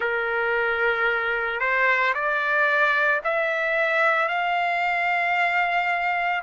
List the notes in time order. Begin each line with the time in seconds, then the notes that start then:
0.00 A#4
1.60 C5
2.14 D5
3.24 E5
4.28 F5